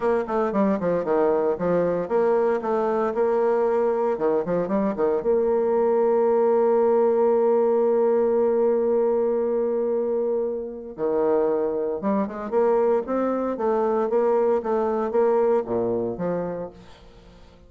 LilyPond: \new Staff \with { instrumentName = "bassoon" } { \time 4/4 \tempo 4 = 115 ais8 a8 g8 f8 dis4 f4 | ais4 a4 ais2 | dis8 f8 g8 dis8 ais2~ | ais1~ |
ais1~ | ais4 dis2 g8 gis8 | ais4 c'4 a4 ais4 | a4 ais4 ais,4 f4 | }